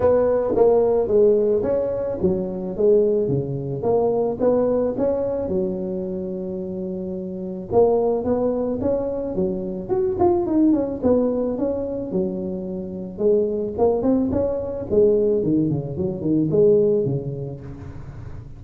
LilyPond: \new Staff \with { instrumentName = "tuba" } { \time 4/4 \tempo 4 = 109 b4 ais4 gis4 cis'4 | fis4 gis4 cis4 ais4 | b4 cis'4 fis2~ | fis2 ais4 b4 |
cis'4 fis4 fis'8 f'8 dis'8 cis'8 | b4 cis'4 fis2 | gis4 ais8 c'8 cis'4 gis4 | dis8 cis8 fis8 dis8 gis4 cis4 | }